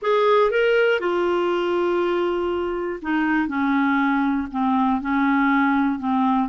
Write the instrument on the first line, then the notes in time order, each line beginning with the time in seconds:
clarinet
0.02 G#4
0.50 A#4
1.00 F4
3.01 D#4
3.47 C#4
4.51 C4
5.01 C#4
5.99 C4